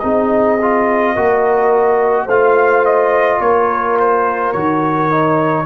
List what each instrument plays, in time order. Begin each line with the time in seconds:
0.00 tuba C4, trombone D#4, horn G#4, trumpet D#5
0.62 trombone F4
1.16 tuba A#3, trombone F#4, horn A#4
2.26 tuba A3, trombone F4, horn C5, trumpet F5
2.86 trumpet D#5
3.40 tuba A#3, horn A#4, trumpet C#5
4.00 trumpet C5
4.53 tuba D#3, trombone F#4, trumpet C#5
5.11 trombone D#4